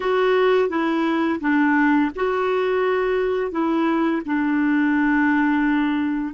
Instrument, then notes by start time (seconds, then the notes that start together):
clarinet
0.00 F#4
0.69 E4
1.40 D4
2.15 F#4
3.51 E4
4.25 D4